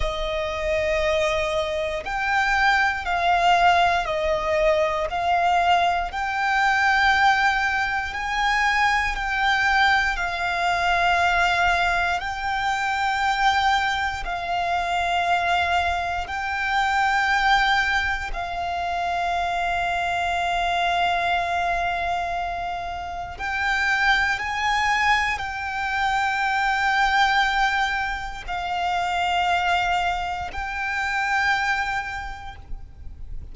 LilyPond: \new Staff \with { instrumentName = "violin" } { \time 4/4 \tempo 4 = 59 dis''2 g''4 f''4 | dis''4 f''4 g''2 | gis''4 g''4 f''2 | g''2 f''2 |
g''2 f''2~ | f''2. g''4 | gis''4 g''2. | f''2 g''2 | }